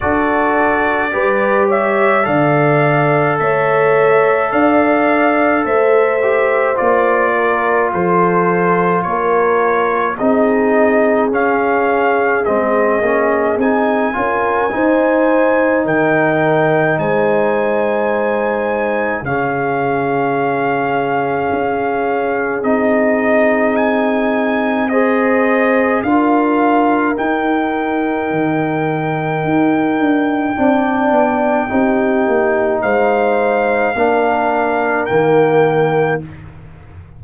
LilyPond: <<
  \new Staff \with { instrumentName = "trumpet" } { \time 4/4 \tempo 4 = 53 d''4. e''8 f''4 e''4 | f''4 e''4 d''4 c''4 | cis''4 dis''4 f''4 dis''4 | gis''2 g''4 gis''4~ |
gis''4 f''2. | dis''4 gis''4 dis''4 f''4 | g''1~ | g''4 f''2 g''4 | }
  \new Staff \with { instrumentName = "horn" } { \time 4/4 a'4 b'8 cis''8 d''4 cis''4 | d''4 c''4. ais'8 a'4 | ais'4 gis'2.~ | gis'8 ais'8 c''4 ais'4 c''4~ |
c''4 gis'2.~ | gis'2 c''4 ais'4~ | ais'2. d''4 | g'4 c''4 ais'2 | }
  \new Staff \with { instrumentName = "trombone" } { \time 4/4 fis'4 g'4 a'2~ | a'4. g'8 f'2~ | f'4 dis'4 cis'4 c'8 cis'8 | dis'8 f'8 dis'2.~ |
dis'4 cis'2. | dis'2 gis'4 f'4 | dis'2. d'4 | dis'2 d'4 ais4 | }
  \new Staff \with { instrumentName = "tuba" } { \time 4/4 d'4 g4 d4 a4 | d'4 a4 ais4 f4 | ais4 c'4 cis'4 gis8 ais8 | c'8 cis'8 dis'4 dis4 gis4~ |
gis4 cis2 cis'4 | c'2. d'4 | dis'4 dis4 dis'8 d'8 c'8 b8 | c'8 ais8 gis4 ais4 dis4 | }
>>